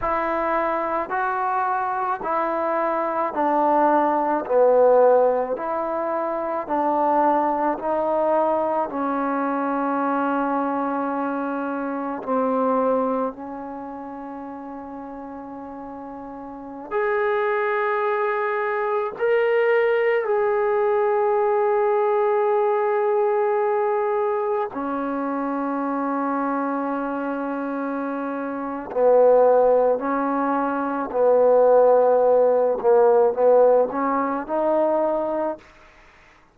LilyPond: \new Staff \with { instrumentName = "trombone" } { \time 4/4 \tempo 4 = 54 e'4 fis'4 e'4 d'4 | b4 e'4 d'4 dis'4 | cis'2. c'4 | cis'2.~ cis'16 gis'8.~ |
gis'4~ gis'16 ais'4 gis'4.~ gis'16~ | gis'2~ gis'16 cis'4.~ cis'16~ | cis'2 b4 cis'4 | b4. ais8 b8 cis'8 dis'4 | }